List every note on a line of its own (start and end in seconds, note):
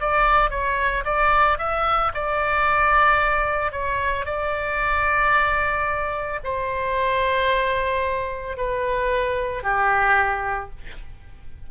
0.00 0.50 D5
0.50 1.04 C#5
1.05 1.58 D5
1.58 2.12 E5
2.14 3.72 D5
3.72 4.26 C#5
4.26 6.40 D5
6.44 8.57 C5
8.57 9.63 B4
9.63 10.70 G4